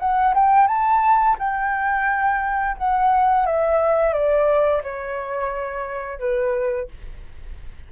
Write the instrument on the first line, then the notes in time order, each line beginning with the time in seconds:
flute
0.00 F#5
0.34 G5
0.68 A5
1.39 G5
2.77 F#5
3.46 E5
4.13 D5
4.84 C#5
6.19 B4